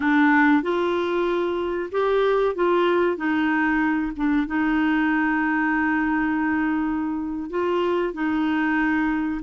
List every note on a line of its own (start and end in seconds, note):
0.00 0.62 D4
0.62 1.90 F4
1.91 2.55 G4
2.55 3.16 F4
3.16 4.12 D#4
4.16 4.47 D4
4.47 7.49 D#4
7.49 8.13 F4
8.13 9.41 D#4